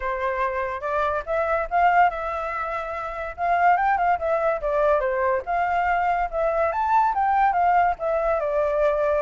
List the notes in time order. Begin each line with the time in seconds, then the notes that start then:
0.00 C5
0.80 D5
1.26 E5
1.70 F5
2.10 E5
3.36 F5
3.76 G5
3.97 F5
4.18 E5
4.61 D5
5.00 C5
5.45 F5
6.31 E5
6.72 A5
7.14 G5
7.53 F5
7.98 E5
8.40 D5